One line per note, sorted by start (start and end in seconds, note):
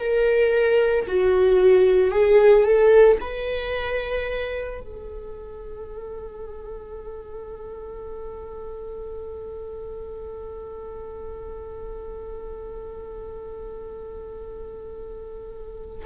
0.00 1.07 A#4
1.08 2.11 F#4
2.11 2.65 G#4
2.65 3.19 A4
3.21 4.81 B4
4.81 16.06 A4